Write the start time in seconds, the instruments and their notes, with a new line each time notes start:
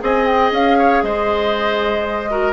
0.00 bassoon C4, clarinet G#4, oboe D#5, flute G#5
0.26 flute G5
0.52 bassoon C#4, flute F5
0.78 oboe C#5
1.03 bassoon G#3, oboe C5, flute D#5
2.30 clarinet F#4, oboe A#4